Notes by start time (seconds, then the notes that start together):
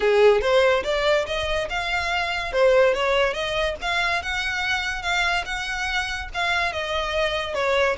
0.00 G#4
0.41 C5
0.83 D5
1.26 D#5
1.69 F5
2.52 C5
2.94 C#5
3.33 D#5
3.81 F5
4.22 F#5
5.02 F5
5.45 F#5
6.34 F5
6.72 D#5
7.54 C#5